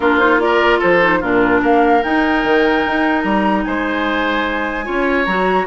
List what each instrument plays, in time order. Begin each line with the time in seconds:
0.00 bassoon A#3, clarinet D4, oboe F4, flute A#4
0.17 clarinet D#4, flute C5
0.39 clarinet F4, oboe A#4, flute D5
0.78 bassoon F3, oboe A4, flute C5
1.01 clarinet D#4
1.20 bassoon A#2, clarinet D4, oboe F4, flute A#4
1.61 bassoon A#3, oboe A#4, flute F5
2.03 clarinet D#4, bassoon D#4, flute G5
2.43 bassoon D#3
2.87 bassoon D#4
3.21 bassoon G3, flute A#5
3.63 bassoon G#3, oboe C5, flute G#5
4.84 bassoon C#4, clarinet F4, oboe C#5
5.25 bassoon F#3, clarinet F#4, flute A#5